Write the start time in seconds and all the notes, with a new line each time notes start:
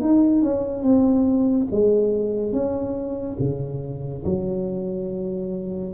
0.00 D#4
0.42 C#4
0.83 C4
1.71 G#3
2.52 C#4
3.39 C#3
4.24 F#3